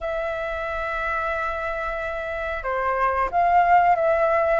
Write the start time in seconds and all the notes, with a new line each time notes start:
0.00 E5
2.63 C5
3.31 F5
3.95 E5